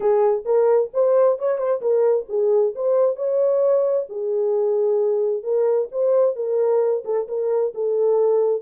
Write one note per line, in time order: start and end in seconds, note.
0.00 0.44 G#4
0.45 0.90 A#4
0.93 1.38 C5
1.38 1.57 C#5
1.57 1.80 C5
1.81 2.26 A#4
2.29 2.74 G#4
2.75 3.15 C5
3.15 4.06 C#5
4.09 5.43 G#4
5.43 5.88 A#4
5.91 6.35 C5
6.35 7.03 A#4
7.04 7.27 A4
7.27 7.73 A#4
7.74 8.62 A4